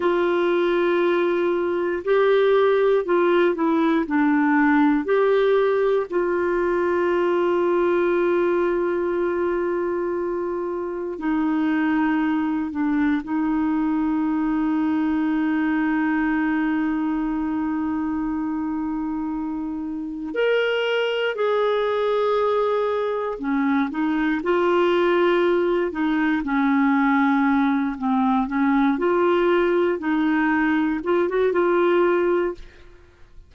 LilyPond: \new Staff \with { instrumentName = "clarinet" } { \time 4/4 \tempo 4 = 59 f'2 g'4 f'8 e'8 | d'4 g'4 f'2~ | f'2. dis'4~ | dis'8 d'8 dis'2.~ |
dis'1 | ais'4 gis'2 cis'8 dis'8 | f'4. dis'8 cis'4. c'8 | cis'8 f'4 dis'4 f'16 fis'16 f'4 | }